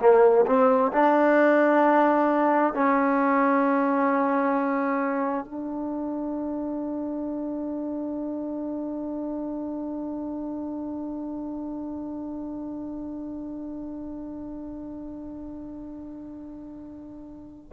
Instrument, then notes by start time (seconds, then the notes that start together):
trombone
0.00 A#3
0.46 C4
0.92 D4
2.74 C#4
5.45 D4